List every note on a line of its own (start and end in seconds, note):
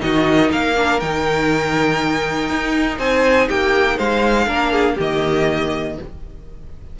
0.00 0.51 D#3
0.00 0.74 D#4
0.00 0.51 F#4
0.00 0.51 D#5
0.51 1.02 A#3
0.51 2.98 A#4
0.51 1.00 F5
0.76 1.01 D4
1.00 2.50 D#3
1.00 4.47 D#4
1.00 2.98 G5
2.50 2.99 D#4
2.98 3.48 C4
2.98 3.48 C5
2.98 3.48 G#5
3.48 3.99 A#3
3.48 3.97 G4
3.48 3.99 G5
3.97 4.47 G#3
3.97 4.46 C5
3.97 4.98 F5
4.47 4.97 A#3
4.47 4.96 D4
4.47 4.72 A#4
4.72 4.95 G#4
4.95 5.98 D#3
4.95 5.98 A#3
4.95 5.94 G4
4.95 6.00 D#5